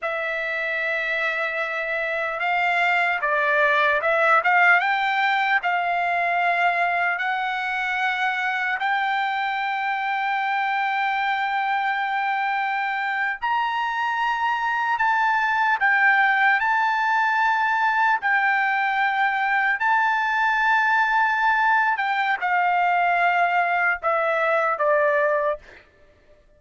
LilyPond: \new Staff \with { instrumentName = "trumpet" } { \time 4/4 \tempo 4 = 75 e''2. f''4 | d''4 e''8 f''8 g''4 f''4~ | f''4 fis''2 g''4~ | g''1~ |
g''8. ais''2 a''4 g''16~ | g''8. a''2 g''4~ g''16~ | g''8. a''2~ a''8. g''8 | f''2 e''4 d''4 | }